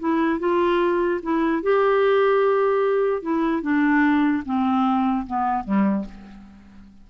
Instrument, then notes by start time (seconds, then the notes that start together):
clarinet
0.00 E4
0.40 F4
1.23 E4
1.63 G4
3.22 E4
3.63 D4
4.46 C4
5.27 B3
5.65 G3